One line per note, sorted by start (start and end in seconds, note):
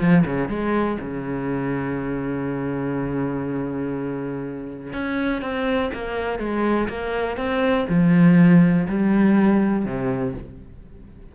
0.00 0.25 F3
0.26 0.49 C#3
0.49 0.98 G#3
1.01 4.93 C#3
4.93 5.42 C#4
5.42 5.92 C4
5.94 6.39 A#3
6.39 6.89 G#3
6.89 7.37 A#3
7.37 7.87 C4
7.89 8.88 F3
8.89 9.86 G3
9.86 10.35 C3